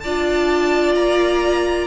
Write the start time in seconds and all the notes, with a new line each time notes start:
0.00 D4 F4 D5 A5
0.95 A#3 A#5